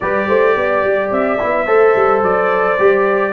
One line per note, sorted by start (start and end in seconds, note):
0.00 0.28 G3
0.00 1.39 G4
0.00 0.27 B4
0.00 1.11 D5
0.27 0.55 A3
0.27 0.55 C5
0.55 0.83 B3
0.55 1.66 D5
0.83 1.11 G3
1.11 1.38 C4
1.11 2.23 E5
1.39 1.67 B3
1.39 1.66 E4
1.66 1.95 A3
1.66 2.77 A4
1.66 3.33 C5
1.95 2.22 G3
2.22 2.77 F#3
2.22 3.33 D5
2.78 3.33 G3
2.78 3.33 G4